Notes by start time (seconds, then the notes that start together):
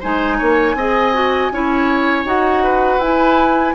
0.00 G#3 D#4 C5 G#5
0.38 A#3 C#5
0.75 C4 G#4 D#5
1.14 F#4
1.52 C#4 E4 C#5
2.25 D#4 F#4 F#5
2.63 B4
2.98 E4 G#5